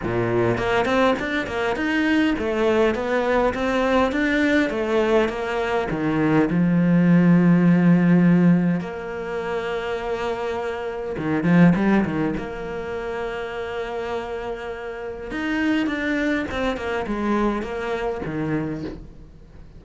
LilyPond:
\new Staff \with { instrumentName = "cello" } { \time 4/4 \tempo 4 = 102 ais,4 ais8 c'8 d'8 ais8 dis'4 | a4 b4 c'4 d'4 | a4 ais4 dis4 f4~ | f2. ais4~ |
ais2. dis8 f8 | g8 dis8 ais2.~ | ais2 dis'4 d'4 | c'8 ais8 gis4 ais4 dis4 | }